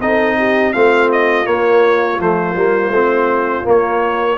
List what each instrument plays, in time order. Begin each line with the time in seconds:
0.00 tuba C4, trombone D#4, horn A4, trumpet D#5
0.38 horn G4
0.73 tuba A3, trombone C4, horn F4, trumpet F5
1.12 trumpet D#5
1.45 trombone A#3, tuba A#3, trumpet C#5
2.19 tuba F3, trombone A3, trumpet C5
2.56 tuba G3, trombone A#3
2.90 tuba A3, trombone C4
3.64 trombone A#3, tuba A#3, trumpet C#5